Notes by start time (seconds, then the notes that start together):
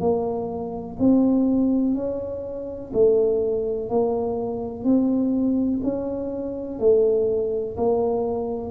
0.00 A#3
0.99 C4
1.95 C#4
2.93 A3
3.89 A#3
4.84 C4
5.83 C#4
6.79 A3
7.77 A#3